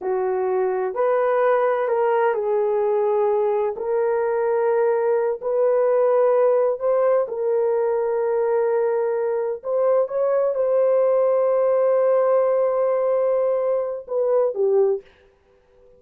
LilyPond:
\new Staff \with { instrumentName = "horn" } { \time 4/4 \tempo 4 = 128 fis'2 b'2 | ais'4 gis'2. | ais'2.~ ais'8 b'8~ | b'2~ b'8 c''4 ais'8~ |
ais'1~ | ais'8 c''4 cis''4 c''4.~ | c''1~ | c''2 b'4 g'4 | }